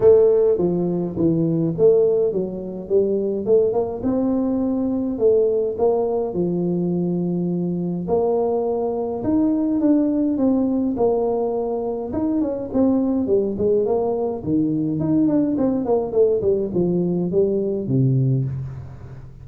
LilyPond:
\new Staff \with { instrumentName = "tuba" } { \time 4/4 \tempo 4 = 104 a4 f4 e4 a4 | fis4 g4 a8 ais8 c'4~ | c'4 a4 ais4 f4~ | f2 ais2 |
dis'4 d'4 c'4 ais4~ | ais4 dis'8 cis'8 c'4 g8 gis8 | ais4 dis4 dis'8 d'8 c'8 ais8 | a8 g8 f4 g4 c4 | }